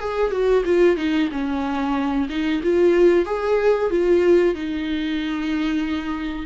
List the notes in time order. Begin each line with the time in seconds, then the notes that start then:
0.00 G#4
0.31 F#4
0.65 F4
0.97 D#4
1.31 C#4
2.29 D#4
2.63 F4
3.26 G#4
3.90 F4
4.54 D#4